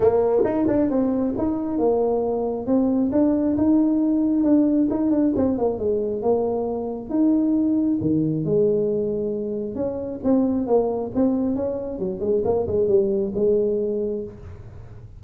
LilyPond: \new Staff \with { instrumentName = "tuba" } { \time 4/4 \tempo 4 = 135 ais4 dis'8 d'8 c'4 dis'4 | ais2 c'4 d'4 | dis'2 d'4 dis'8 d'8 | c'8 ais8 gis4 ais2 |
dis'2 dis4 gis4~ | gis2 cis'4 c'4 | ais4 c'4 cis'4 fis8 gis8 | ais8 gis8 g4 gis2 | }